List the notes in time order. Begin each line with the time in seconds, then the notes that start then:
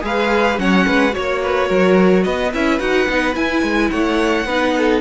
0.00 G#3 G#4 B4 F5
0.57 F#3 C#4 C#5 F#5
0.86 G#3 B4
1.10 F#4 C#5
1.17 A#3
1.42 B4
1.67 F#3 A#4
2.23 B3 B4 D#5
2.53 C#4 E4 E5
2.79 D#4 F#4 F#5
3.09 B3 D#4
3.33 E4 G#5
3.62 G#3
3.90 A3 C#5 F#5
4.45 B3 D#4 B4
4.77 A4